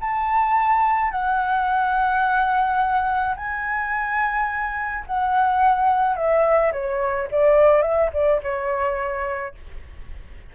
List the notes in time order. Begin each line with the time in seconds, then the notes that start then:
0.00 A5
1.11 F#5
3.36 G#5
5.06 F#5
6.16 E5
6.72 C#5
7.31 D5
7.82 E5
8.13 D5
8.42 C#5